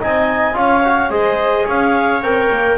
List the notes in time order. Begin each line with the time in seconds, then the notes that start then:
0.00 C4 D#4 D#5 G#5
0.53 C#4 F4 C#5 F5
0.84 F#4
1.10 G#3 G#4 C5 D#5
1.65 C#4 C#5 F5
2.22 C4 A#4 G5
2.51 A#3